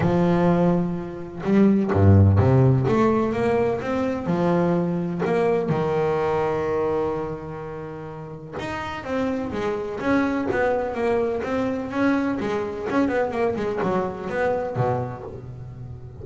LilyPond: \new Staff \with { instrumentName = "double bass" } { \time 4/4 \tempo 4 = 126 f2. g4 | g,4 c4 a4 ais4 | c'4 f2 ais4 | dis1~ |
dis2 dis'4 c'4 | gis4 cis'4 b4 ais4 | c'4 cis'4 gis4 cis'8 b8 | ais8 gis8 fis4 b4 b,4 | }